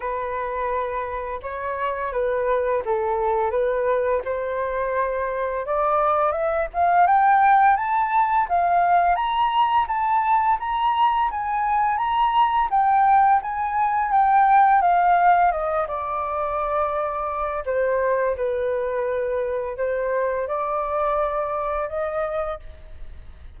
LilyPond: \new Staff \with { instrumentName = "flute" } { \time 4/4 \tempo 4 = 85 b'2 cis''4 b'4 | a'4 b'4 c''2 | d''4 e''8 f''8 g''4 a''4 | f''4 ais''4 a''4 ais''4 |
gis''4 ais''4 g''4 gis''4 | g''4 f''4 dis''8 d''4.~ | d''4 c''4 b'2 | c''4 d''2 dis''4 | }